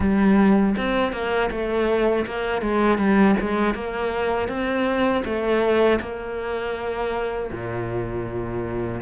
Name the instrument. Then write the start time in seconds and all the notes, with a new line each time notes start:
cello
0.00 G3
0.77 C4
1.12 A#3
1.50 A3
2.26 A#3
2.61 G#3
2.98 G3
3.40 G#3
3.74 A#3
4.48 C4
5.24 A3
6.00 A#3
7.51 A#2